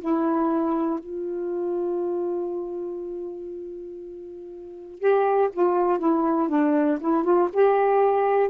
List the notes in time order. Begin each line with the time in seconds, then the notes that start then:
0.00 E4
0.99 F4
4.99 G4
5.52 F4
5.99 E4
6.48 D4
7.00 E4
7.24 F4
7.53 G4